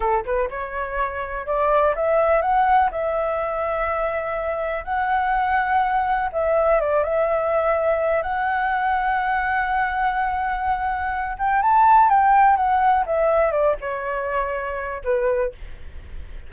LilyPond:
\new Staff \with { instrumentName = "flute" } { \time 4/4 \tempo 4 = 124 a'8 b'8 cis''2 d''4 | e''4 fis''4 e''2~ | e''2 fis''2~ | fis''4 e''4 d''8 e''4.~ |
e''4 fis''2.~ | fis''2.~ fis''8 g''8 | a''4 g''4 fis''4 e''4 | d''8 cis''2~ cis''8 b'4 | }